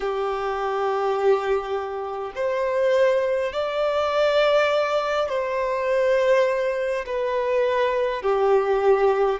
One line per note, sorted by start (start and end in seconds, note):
0.00 2.32 G4
2.35 3.52 C5
3.52 5.28 D5
5.28 7.05 C5
7.06 8.22 B4
8.22 9.39 G4